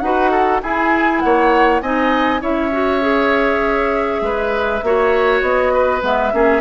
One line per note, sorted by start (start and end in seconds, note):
0.00 0.62 D#4
0.00 0.63 F#4
0.00 0.31 B4
0.00 0.60 F#5
0.31 0.61 A4
0.63 1.83 E4
0.63 1.23 E4
0.63 1.23 G#4
0.63 1.20 G#5
1.20 1.82 A#3
1.20 1.82 C#5
1.20 1.80 F#5
1.82 2.42 C4
1.82 2.41 D#4
1.82 2.41 D#5
1.82 2.42 G#5
2.41 4.21 C#4
2.41 2.71 E4
2.41 4.21 C#5
2.41 5.42 E5
2.72 3.01 F#4
3.01 4.81 G#4
4.21 4.81 G#3
4.21 4.85 B4
4.83 5.42 A#3
4.83 6.02 F#4
4.83 5.73 C#5
5.42 6.02 B3
5.42 6.02 D#5
5.73 6.33 B4
6.02 6.33 G#3
6.02 6.32 B3
6.02 6.61 E5
6.33 6.61 A#3
6.33 6.61 C#4
6.33 6.61 G#4